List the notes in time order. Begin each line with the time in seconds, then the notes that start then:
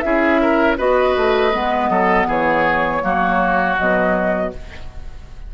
0.00 C#4 E4 G#4 E5
0.42 A#4
0.77 B3 F#4 B4 D#5
1.16 A3
1.52 G#3 B3
1.89 F#3 A4
2.27 E3 G#4 C#5
3.02 F#3 A#3 F#4
3.78 B2 F#3 D#5